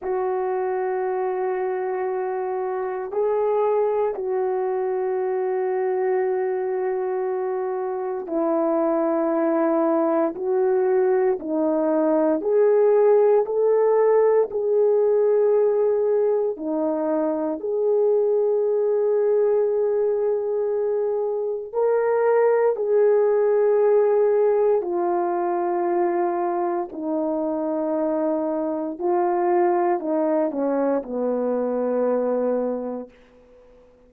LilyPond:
\new Staff \with { instrumentName = "horn" } { \time 4/4 \tempo 4 = 58 fis'2. gis'4 | fis'1 | e'2 fis'4 dis'4 | gis'4 a'4 gis'2 |
dis'4 gis'2.~ | gis'4 ais'4 gis'2 | f'2 dis'2 | f'4 dis'8 cis'8 b2 | }